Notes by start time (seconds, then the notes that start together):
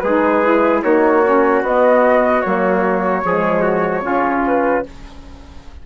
0.00 G#3 G#4 B4
0.06 D#4
0.44 E4
0.83 A#3 D#4 F#4 C#5
1.25 C#4
1.62 B3 D#5
2.41 F#3 A#3 C#5
3.25 F3 G#3 G#4
3.62 F#4
4.03 C#3 C#4 F4
4.46 B4